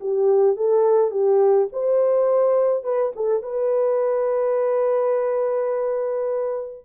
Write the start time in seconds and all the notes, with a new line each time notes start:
0.00 G4
0.57 A4
1.11 G4
1.73 C5
2.84 B4
3.16 A4
3.43 B4